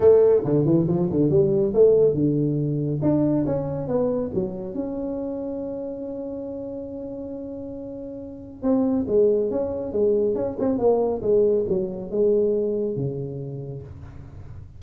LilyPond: \new Staff \with { instrumentName = "tuba" } { \time 4/4 \tempo 4 = 139 a4 d8 e8 f8 d8 g4 | a4 d2 d'4 | cis'4 b4 fis4 cis'4~ | cis'1~ |
cis'1 | c'4 gis4 cis'4 gis4 | cis'8 c'8 ais4 gis4 fis4 | gis2 cis2 | }